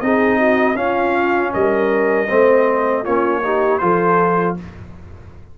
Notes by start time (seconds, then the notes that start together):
0.00 C4 D#4 G#4 D#5
0.37 F#4
0.75 C#4 F4 F5
1.53 G3 A#4 D#5
2.28 A3 C4 C5
3.02 A#3 C#4 F4 C#5
3.43 D#4 G4
3.78 F3 F4 A4 C5